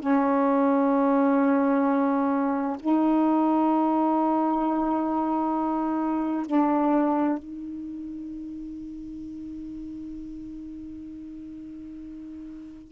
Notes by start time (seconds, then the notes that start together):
0.00 C#4
2.79 D#4
6.47 D4
7.38 D#4